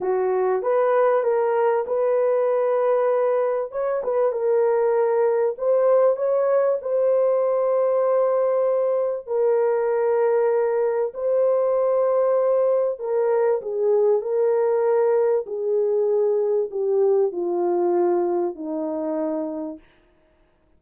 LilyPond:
\new Staff \with { instrumentName = "horn" } { \time 4/4 \tempo 4 = 97 fis'4 b'4 ais'4 b'4~ | b'2 cis''8 b'8 ais'4~ | ais'4 c''4 cis''4 c''4~ | c''2. ais'4~ |
ais'2 c''2~ | c''4 ais'4 gis'4 ais'4~ | ais'4 gis'2 g'4 | f'2 dis'2 | }